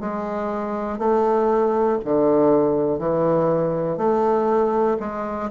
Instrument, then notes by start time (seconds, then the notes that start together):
bassoon
0.00 G#3
0.98 A3
2.04 D3
2.98 E3
3.97 A3
5.00 G#3